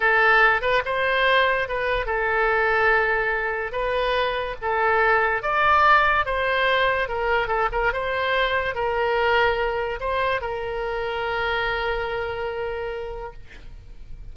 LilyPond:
\new Staff \with { instrumentName = "oboe" } { \time 4/4 \tempo 4 = 144 a'4. b'8 c''2 | b'4 a'2.~ | a'4 b'2 a'4~ | a'4 d''2 c''4~ |
c''4 ais'4 a'8 ais'8 c''4~ | c''4 ais'2. | c''4 ais'2.~ | ais'1 | }